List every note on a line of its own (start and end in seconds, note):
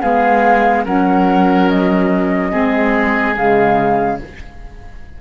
0.00 0.86 G#3
0.00 0.86 B3
0.00 0.83 G#4
0.00 0.85 F5
0.85 2.53 F#3
0.85 2.52 C#4
0.85 2.52 A#4
0.85 1.69 F#5
1.69 3.36 D#5
2.52 3.37 G#3
2.52 3.35 C4
2.52 4.18 G#4
3.35 4.21 C#3
3.35 4.19 G#3
3.35 4.20 F5